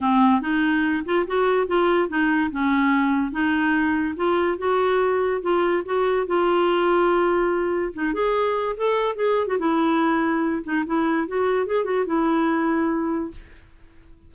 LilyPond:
\new Staff \with { instrumentName = "clarinet" } { \time 4/4 \tempo 4 = 144 c'4 dis'4. f'8 fis'4 | f'4 dis'4 cis'2 | dis'2 f'4 fis'4~ | fis'4 f'4 fis'4 f'4~ |
f'2. dis'8 gis'8~ | gis'4 a'4 gis'8. fis'16 e'4~ | e'4. dis'8 e'4 fis'4 | gis'8 fis'8 e'2. | }